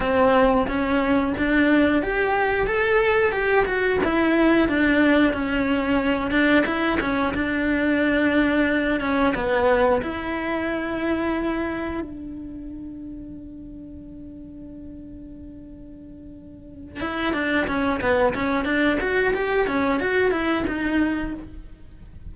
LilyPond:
\new Staff \with { instrumentName = "cello" } { \time 4/4 \tempo 4 = 90 c'4 cis'4 d'4 g'4 | a'4 g'8 fis'8 e'4 d'4 | cis'4. d'8 e'8 cis'8 d'4~ | d'4. cis'8 b4 e'4~ |
e'2 d'2~ | d'1~ | d'4. e'8 d'8 cis'8 b8 cis'8 | d'8 fis'8 g'8 cis'8 fis'8 e'8 dis'4 | }